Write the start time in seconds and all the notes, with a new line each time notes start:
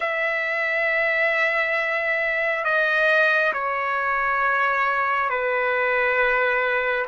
0.00 E5
2.64 D#5
3.53 C#5
5.29 B4